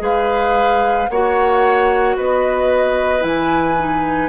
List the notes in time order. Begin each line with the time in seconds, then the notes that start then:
0.00 G#3 G#4 B4 F5
1.09 A#3 F#4 C#5 F#5
2.17 B3 B4 D#5
3.21 E3 E4 G#5
3.79 D#4